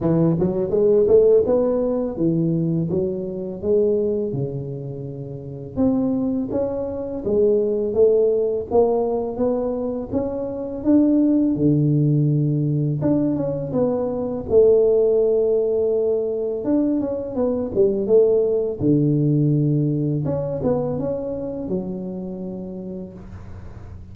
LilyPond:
\new Staff \with { instrumentName = "tuba" } { \time 4/4 \tempo 4 = 83 e8 fis8 gis8 a8 b4 e4 | fis4 gis4 cis2 | c'4 cis'4 gis4 a4 | ais4 b4 cis'4 d'4 |
d2 d'8 cis'8 b4 | a2. d'8 cis'8 | b8 g8 a4 d2 | cis'8 b8 cis'4 fis2 | }